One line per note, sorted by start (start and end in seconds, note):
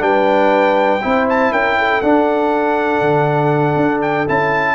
0.00 1.00 G3
0.00 1.00 D4
0.00 1.03 B4
0.00 1.27 G5
1.02 1.51 C4
1.02 2.02 E4
1.02 1.52 C5
1.29 1.53 A5
1.51 2.01 C#4
1.51 1.77 A#4
1.51 2.01 G5
1.79 4.75 A4
2.01 4.27 D4
2.01 3.01 D4
2.01 4.01 F#5
3.01 3.76 D3
3.76 4.26 D4
4.02 4.27 G5
4.27 4.75 C#4
4.27 4.75 E4
4.27 4.75 A5